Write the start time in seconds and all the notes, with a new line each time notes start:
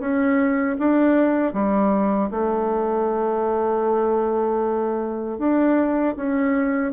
0.00 C#4
0.79 D4
1.54 G3
2.31 A3
5.38 D4
6.16 C#4